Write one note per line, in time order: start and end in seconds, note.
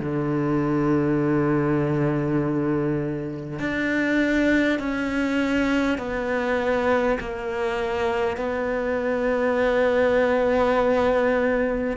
0.00 3.59 D3
3.59 4.79 D4
4.79 5.98 C#4
5.98 7.18 B3
7.20 8.37 A#3
8.37 11.97 B3